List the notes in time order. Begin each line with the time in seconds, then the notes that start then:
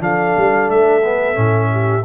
0.00 F3 D4 A4 F5
0.37 G3
0.69 A3 E5
1.04 B3
1.34 A2 C#4
1.71 G4